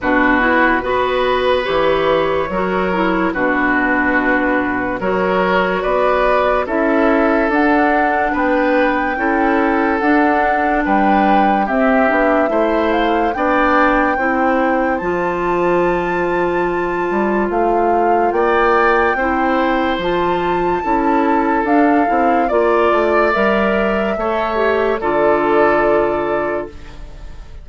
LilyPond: <<
  \new Staff \with { instrumentName = "flute" } { \time 4/4 \tempo 4 = 72 b'2 cis''2 | b'2 cis''4 d''4 | e''4 fis''4 g''2 | fis''4 g''4 e''4. f''8 |
g''2 a''2~ | a''4 f''4 g''2 | a''2 f''4 d''4 | e''2 d''2 | }
  \new Staff \with { instrumentName = "oboe" } { \time 4/4 fis'4 b'2 ais'4 | fis'2 ais'4 b'4 | a'2 b'4 a'4~ | a'4 b'4 g'4 c''4 |
d''4 c''2.~ | c''2 d''4 c''4~ | c''4 a'2 d''4~ | d''4 cis''4 a'2 | }
  \new Staff \with { instrumentName = "clarinet" } { \time 4/4 d'8 e'8 fis'4 g'4 fis'8 e'8 | d'2 fis'2 | e'4 d'2 e'4 | d'2 c'8 d'8 e'4 |
d'4 e'4 f'2~ | f'2. e'4 | f'4 e'4 d'8 e'8 f'4 | ais'4 a'8 g'8 f'2 | }
  \new Staff \with { instrumentName = "bassoon" } { \time 4/4 b,4 b4 e4 fis4 | b,2 fis4 b4 | cis'4 d'4 b4 cis'4 | d'4 g4 c'8 b8 a4 |
b4 c'4 f2~ | f8 g8 a4 ais4 c'4 | f4 cis'4 d'8 c'8 ais8 a8 | g4 a4 d2 | }
>>